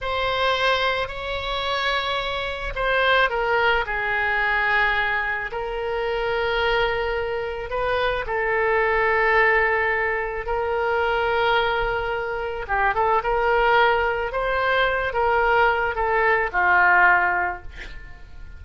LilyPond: \new Staff \with { instrumentName = "oboe" } { \time 4/4 \tempo 4 = 109 c''2 cis''2~ | cis''4 c''4 ais'4 gis'4~ | gis'2 ais'2~ | ais'2 b'4 a'4~ |
a'2. ais'4~ | ais'2. g'8 a'8 | ais'2 c''4. ais'8~ | ais'4 a'4 f'2 | }